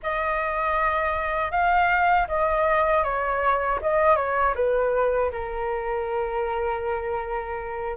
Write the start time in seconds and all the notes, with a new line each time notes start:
0.02 D#5
1.51 F5
2.28 D#5
3.03 C#5
3.81 D#5
4.16 C#5
4.55 B4
5.31 A#4